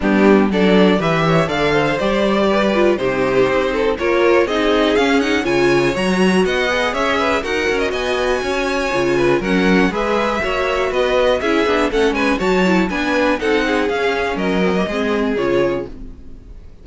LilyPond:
<<
  \new Staff \with { instrumentName = "violin" } { \time 4/4 \tempo 4 = 121 g'4 d''4 e''4 f''4 | d''2 c''2 | cis''4 dis''4 f''8 fis''8 gis''4 | ais''4 fis''4 e''4 fis''8. dis''16 |
gis''2. fis''4 | e''2 dis''4 e''4 | fis''8 gis''8 a''4 gis''4 fis''4 | f''4 dis''2 cis''4 | }
  \new Staff \with { instrumentName = "violin" } { \time 4/4 d'4 a'4 b'8 cis''8 d''8 c''8~ | c''4 b'4 g'4. a'8 | ais'4 gis'2 cis''4~ | cis''4 dis''4 cis''8 b'8 ais'4 |
dis''4 cis''4. b'8 ais'4 | b'4 cis''4 b'4 gis'4 | a'8 b'8 cis''4 b'4 a'8 gis'8~ | gis'4 ais'4 gis'2 | }
  \new Staff \with { instrumentName = "viola" } { \time 4/4 b4 d'4 g'4 a'4 | g'4. f'8 dis'2 | f'4 dis'4 cis'8 dis'8 f'4 | fis'4. gis'4. fis'4~ |
fis'2 f'4 cis'4 | gis'4 fis'2 e'8 d'8 | cis'4 fis'8 e'8 d'4 dis'4 | cis'4. c'16 ais16 c'4 f'4 | }
  \new Staff \with { instrumentName = "cello" } { \time 4/4 g4 fis4 e4 d4 | g2 c4 c'4 | ais4 c'4 cis'4 cis4 | fis4 b4 cis'4 dis'8 cis'8 |
b4 cis'4 cis4 fis4 | gis4 ais4 b4 cis'8 b8 | a8 gis8 fis4 b4 c'4 | cis'4 fis4 gis4 cis4 | }
>>